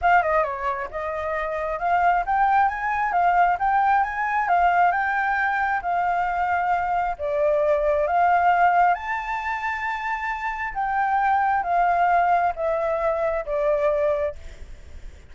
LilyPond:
\new Staff \with { instrumentName = "flute" } { \time 4/4 \tempo 4 = 134 f''8 dis''8 cis''4 dis''2 | f''4 g''4 gis''4 f''4 | g''4 gis''4 f''4 g''4~ | g''4 f''2. |
d''2 f''2 | a''1 | g''2 f''2 | e''2 d''2 | }